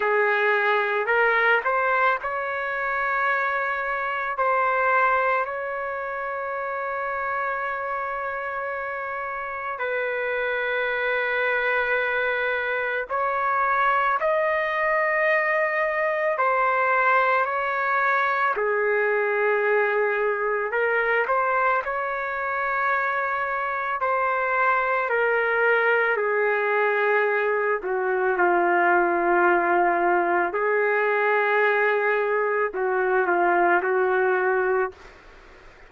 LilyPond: \new Staff \with { instrumentName = "trumpet" } { \time 4/4 \tempo 4 = 55 gis'4 ais'8 c''8 cis''2 | c''4 cis''2.~ | cis''4 b'2. | cis''4 dis''2 c''4 |
cis''4 gis'2 ais'8 c''8 | cis''2 c''4 ais'4 | gis'4. fis'8 f'2 | gis'2 fis'8 f'8 fis'4 | }